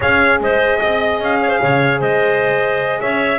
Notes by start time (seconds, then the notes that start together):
0.00 C#4 G#4 C#5 F5
0.40 G#3 C5 D#5
0.78 C4 D#5
1.20 C#4 F5
1.42 C#5
1.48 C5
1.62 C#3 C#5
1.99 G#3 C5 D#5
3.00 C#4 C#5 E5